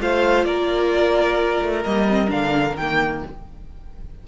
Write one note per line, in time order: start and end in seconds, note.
0.00 0.46 A3
0.00 1.85 F4
0.00 0.47 C5
0.00 0.45 F5
0.45 1.61 A#3
0.45 3.24 A#4
0.45 1.84 D5
1.62 1.85 A3
1.84 2.31 G3
1.84 2.09 A#3
1.84 2.30 D#5
2.09 2.28 C4
2.28 2.77 D3
2.28 2.74 D4
2.28 2.77 F5
2.77 3.23 D#3
2.77 3.28 A#3
2.77 3.23 G5